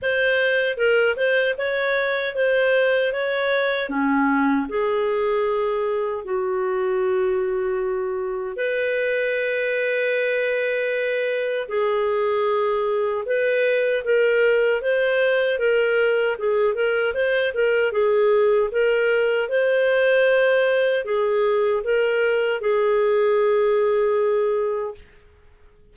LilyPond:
\new Staff \with { instrumentName = "clarinet" } { \time 4/4 \tempo 4 = 77 c''4 ais'8 c''8 cis''4 c''4 | cis''4 cis'4 gis'2 | fis'2. b'4~ | b'2. gis'4~ |
gis'4 b'4 ais'4 c''4 | ais'4 gis'8 ais'8 c''8 ais'8 gis'4 | ais'4 c''2 gis'4 | ais'4 gis'2. | }